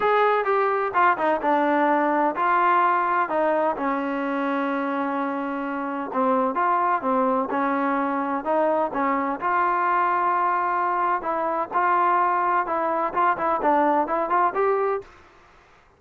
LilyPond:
\new Staff \with { instrumentName = "trombone" } { \time 4/4 \tempo 4 = 128 gis'4 g'4 f'8 dis'8 d'4~ | d'4 f'2 dis'4 | cis'1~ | cis'4 c'4 f'4 c'4 |
cis'2 dis'4 cis'4 | f'1 | e'4 f'2 e'4 | f'8 e'8 d'4 e'8 f'8 g'4 | }